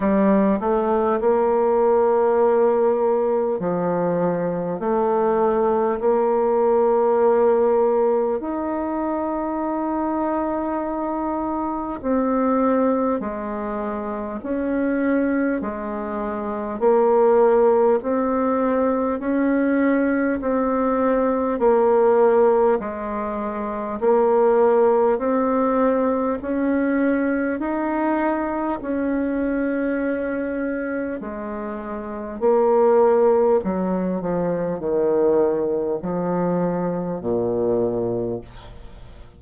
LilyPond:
\new Staff \with { instrumentName = "bassoon" } { \time 4/4 \tempo 4 = 50 g8 a8 ais2 f4 | a4 ais2 dis'4~ | dis'2 c'4 gis4 | cis'4 gis4 ais4 c'4 |
cis'4 c'4 ais4 gis4 | ais4 c'4 cis'4 dis'4 | cis'2 gis4 ais4 | fis8 f8 dis4 f4 ais,4 | }